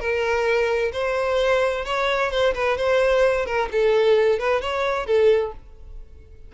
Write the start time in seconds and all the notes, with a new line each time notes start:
0.00 A#4
0.93 C5
1.85 C#5
2.31 C5
2.55 B4
2.78 C5
3.46 A#4
3.72 A4
4.39 B4
4.62 C#5
5.06 A4